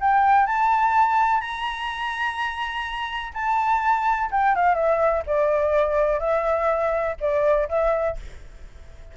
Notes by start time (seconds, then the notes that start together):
0.00 G5
0.46 A5
1.41 A#5
3.33 A5
4.31 G5
4.55 F5
4.75 E5
5.26 D5
6.19 E5
7.20 D5
7.68 E5